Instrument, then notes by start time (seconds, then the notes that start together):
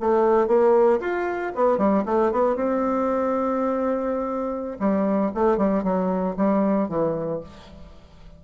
bassoon
0.00 A3
0.47 A#3
1.00 F4
1.55 B3
1.78 G3
2.05 A3
2.32 B3
2.56 C4
4.79 G3
5.35 A3
5.57 G3
5.83 F#3
6.37 G3
6.88 E3